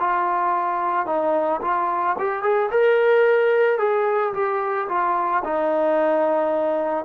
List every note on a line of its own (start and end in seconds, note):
0.00 1.06 F4
1.06 1.61 D#4
1.62 2.16 F4
2.19 2.42 G4
2.42 2.70 G#4
2.71 3.78 A#4
3.78 4.33 G#4
4.33 4.88 G4
4.88 5.43 F4
5.44 7.05 D#4